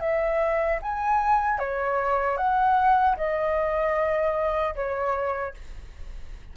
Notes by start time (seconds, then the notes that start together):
0.00 E5
0.82 G#5
1.59 C#5
2.37 F#5
3.17 D#5
4.75 C#5